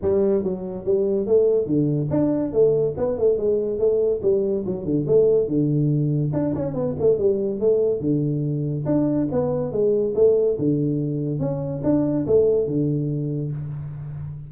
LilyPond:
\new Staff \with { instrumentName = "tuba" } { \time 4/4 \tempo 4 = 142 g4 fis4 g4 a4 | d4 d'4 a4 b8 a8 | gis4 a4 g4 fis8 d8 | a4 d2 d'8 cis'8 |
b8 a8 g4 a4 d4~ | d4 d'4 b4 gis4 | a4 d2 cis'4 | d'4 a4 d2 | }